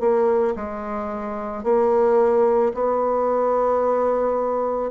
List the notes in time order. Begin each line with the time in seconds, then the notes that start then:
0.00 A#3
0.56 G#3
1.64 A#3
2.74 B3